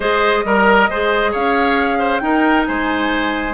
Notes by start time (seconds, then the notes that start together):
0.00 G#3 G#4 C5 D#5
0.44 G3 A#4
0.89 G#3 G#4 C5
1.31 C#4 C#5 F5
1.98 C5
2.19 D#4 A#4 G5
2.66 G#3 C5 G#5